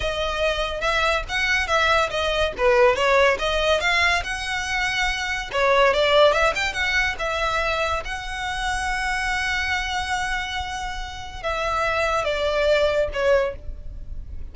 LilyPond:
\new Staff \with { instrumentName = "violin" } { \time 4/4 \tempo 4 = 142 dis''2 e''4 fis''4 | e''4 dis''4 b'4 cis''4 | dis''4 f''4 fis''2~ | fis''4 cis''4 d''4 e''8 g''8 |
fis''4 e''2 fis''4~ | fis''1~ | fis''2. e''4~ | e''4 d''2 cis''4 | }